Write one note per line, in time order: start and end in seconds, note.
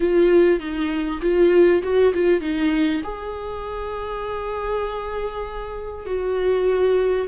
0.00 0.59 F4
0.59 1.20 D#4
1.21 1.82 F4
1.82 2.13 F#4
2.13 2.40 F4
2.40 3.01 D#4
3.03 6.06 G#4
6.06 7.27 F#4